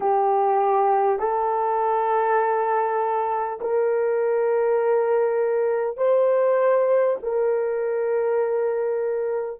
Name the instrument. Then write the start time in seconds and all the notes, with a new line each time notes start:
horn
0.00 G4
1.19 A4
3.61 A#4
5.97 C5
7.23 A#4